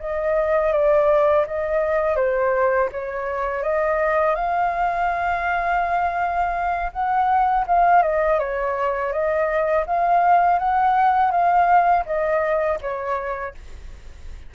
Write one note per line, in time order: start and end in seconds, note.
0.00 0.73 D#5
0.73 1.46 D5
1.47 2.17 D#5
2.17 2.90 C5
2.92 3.63 C#5
3.63 4.36 D#5
4.36 6.92 F5
6.93 7.66 F#5
7.67 8.03 F5
8.03 8.39 D#5
8.40 9.13 C#5
9.13 9.86 D#5
9.87 10.59 F5
10.59 11.31 F#5
11.31 12.05 F5
12.06 12.79 D#5
12.81 13.55 C#5